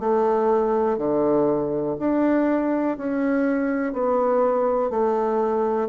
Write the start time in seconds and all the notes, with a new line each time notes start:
0.00 A3
0.98 D3
1.99 D4
2.98 C#4
3.93 B3
4.90 A3